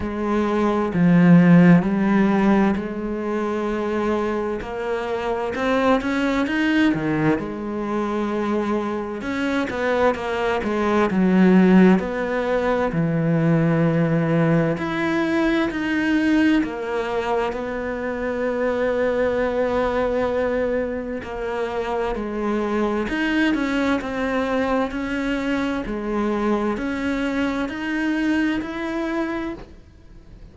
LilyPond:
\new Staff \with { instrumentName = "cello" } { \time 4/4 \tempo 4 = 65 gis4 f4 g4 gis4~ | gis4 ais4 c'8 cis'8 dis'8 dis8 | gis2 cis'8 b8 ais8 gis8 | fis4 b4 e2 |
e'4 dis'4 ais4 b4~ | b2. ais4 | gis4 dis'8 cis'8 c'4 cis'4 | gis4 cis'4 dis'4 e'4 | }